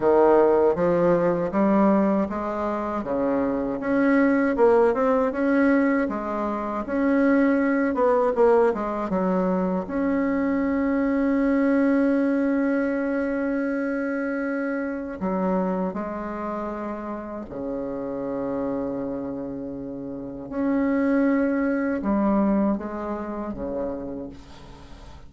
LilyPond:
\new Staff \with { instrumentName = "bassoon" } { \time 4/4 \tempo 4 = 79 dis4 f4 g4 gis4 | cis4 cis'4 ais8 c'8 cis'4 | gis4 cis'4. b8 ais8 gis8 | fis4 cis'2.~ |
cis'1 | fis4 gis2 cis4~ | cis2. cis'4~ | cis'4 g4 gis4 cis4 | }